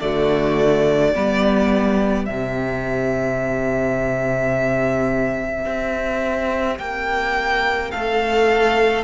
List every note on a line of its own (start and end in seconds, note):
0.00 1.15 D3
0.00 1.14 A3
0.00 1.12 F#4
0.00 2.25 D5
1.12 2.28 G3
1.12 2.27 B3
1.12 7.91 G4
2.25 5.65 C3
2.25 9.04 C4
2.25 6.78 E5
5.65 6.79 C4
6.79 7.93 A#3
6.79 7.91 G5
7.91 9.04 A3
7.91 9.04 A4
7.91 9.04 F5